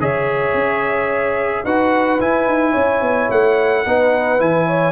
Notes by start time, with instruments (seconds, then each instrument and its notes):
0.00 tuba C#3, trombone G#4, horn C#5, trumpet E5
0.54 tuba C#4
1.65 tuba D#4, trombone F#4, horn B4, trumpet F#5
2.20 trombone E4, tuba E4, trumpet G#5
2.47 tuba D#4
2.72 tuba C#4, horn C#5
3.02 tuba B3
3.30 tuba A3, trumpet F#5
3.86 tuba B3, trombone D#4, horn B4
4.39 tuba E3, trombone E4, trumpet G#5
4.67 horn C#5